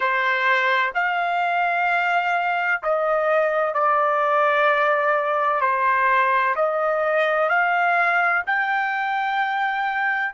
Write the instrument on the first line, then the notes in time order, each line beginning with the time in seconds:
trumpet
0.00 C5
0.94 F5
2.82 D#5
3.74 D5
5.60 C5
6.55 D#5
7.49 F5
8.46 G5